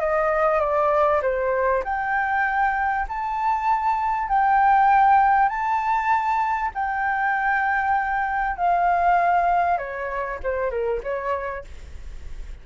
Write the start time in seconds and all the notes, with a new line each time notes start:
0.00 D#5
0.60 D5
1.22 C5
1.84 G5
3.08 A5
4.29 G5
5.49 A5
6.75 G5
8.57 F5
9.78 C#5
10.43 C5
10.71 A#4
11.03 C#5